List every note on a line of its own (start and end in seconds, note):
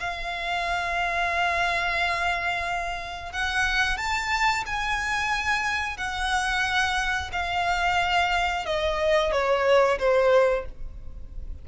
0.00 3.32 F5
3.32 3.97 F#5
3.97 4.64 A5
4.65 5.97 G#5
5.97 7.30 F#5
7.32 8.65 F5
8.65 9.32 D#5
9.32 9.98 C#5
9.98 10.65 C5